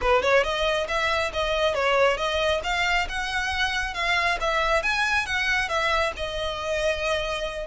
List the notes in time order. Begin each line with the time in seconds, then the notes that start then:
0.01 B4
0.22 C#5
0.43 D#5
0.88 E5
1.33 D#5
1.74 C#5
2.17 D#5
2.63 F5
3.09 F#5
3.94 F5
4.40 E5
4.83 G#5
5.26 F#5
5.68 E5
6.16 D#5